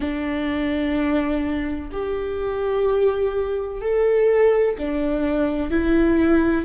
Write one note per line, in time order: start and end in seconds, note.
0.00 1.90 D4
1.91 3.81 G4
3.81 4.76 A4
4.77 5.71 D4
5.71 6.65 E4